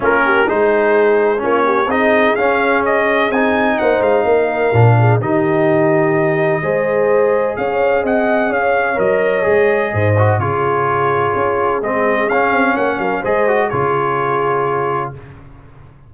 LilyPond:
<<
  \new Staff \with { instrumentName = "trumpet" } { \time 4/4 \tempo 4 = 127 ais'4 c''2 cis''4 | dis''4 f''4 dis''4 gis''4 | fis''8 f''2~ f''8 dis''4~ | dis''1 |
f''4 fis''4 f''4 dis''4~ | dis''2 cis''2~ | cis''4 dis''4 f''4 fis''8 f''8 | dis''4 cis''2. | }
  \new Staff \with { instrumentName = "horn" } { \time 4/4 f'8 g'8 gis'2 f'8 g'8 | gis'1 | c''4 ais'4. gis'8 g'4~ | g'2 c''2 |
cis''4 dis''4 cis''2~ | cis''4 c''4 gis'2~ | gis'2. cis''8 ais'8 | c''4 gis'2. | }
  \new Staff \with { instrumentName = "trombone" } { \time 4/4 cis'4 dis'2 cis'4 | dis'4 cis'2 dis'4~ | dis'2 d'4 dis'4~ | dis'2 gis'2~ |
gis'2. ais'4 | gis'4. fis'8 f'2~ | f'4 c'4 cis'2 | gis'8 fis'8 f'2. | }
  \new Staff \with { instrumentName = "tuba" } { \time 4/4 ais4 gis2 ais4 | c'4 cis'2 c'4 | ais8 gis8 ais4 ais,4 dis4~ | dis2 gis2 |
cis'4 c'4 cis'4 fis4 | gis4 gis,4 cis2 | cis'4 gis4 cis'8 c'8 ais8 fis8 | gis4 cis2. | }
>>